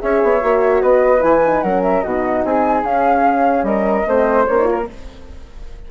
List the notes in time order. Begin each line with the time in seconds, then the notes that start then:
0.00 C#4 G#4 C#5 E5
0.23 B3
0.42 A#3 F#4
0.82 B3 B4 D#5
1.20 E3 E4 G#5
1.46 D#4
1.61 F#3 C#4 A#4 F#5
1.82 E5
2.02 B2 D#4 F#4 D#5
2.45 C4 G#4 G#5
2.84 C#4 F5
3.63 G3 A#4 D#5
4.07 A3 C4 C5
4.45 A#3 C#4 C#5
4.57 D#4
4.65 F4
4.71 A#4